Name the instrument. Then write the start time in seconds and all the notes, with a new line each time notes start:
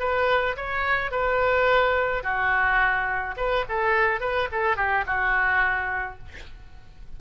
oboe
0.00 B4
0.57 C#5
1.11 B4
2.24 F#4
3.37 B4
3.69 A4
4.21 B4
4.52 A4
4.77 G4
5.06 F#4